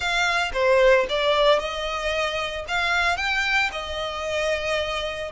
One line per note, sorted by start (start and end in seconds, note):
0.00 0.51 F5
0.53 1.06 C5
1.09 1.59 D5
1.59 2.65 D#5
2.68 3.16 F5
3.16 3.70 G5
3.72 5.31 D#5